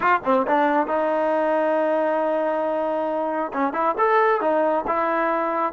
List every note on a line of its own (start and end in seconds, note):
0.00 0.20 F4
0.24 0.46 C4
0.47 0.87 D4
0.87 3.52 D#4
3.53 3.73 C#4
3.73 3.95 E4
3.98 4.40 A4
4.40 4.84 D#4
4.87 5.72 E4